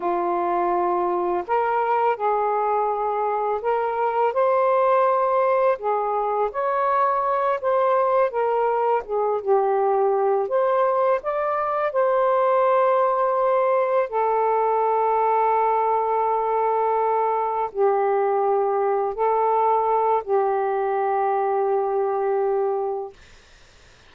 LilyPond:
\new Staff \with { instrumentName = "saxophone" } { \time 4/4 \tempo 4 = 83 f'2 ais'4 gis'4~ | gis'4 ais'4 c''2 | gis'4 cis''4. c''4 ais'8~ | ais'8 gis'8 g'4. c''4 d''8~ |
d''8 c''2. a'8~ | a'1~ | a'8 g'2 a'4. | g'1 | }